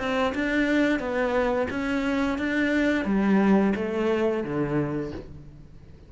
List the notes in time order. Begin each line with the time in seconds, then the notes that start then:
0.00 C4
0.35 D4
1.00 B3
1.71 C#4
2.39 D4
3.06 G3
3.76 A3
4.44 D3